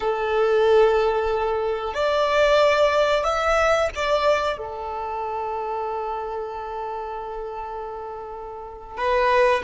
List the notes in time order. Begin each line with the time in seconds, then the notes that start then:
0.00 A4
1.94 D5
3.24 E5
3.95 D5
4.57 A4
8.97 B4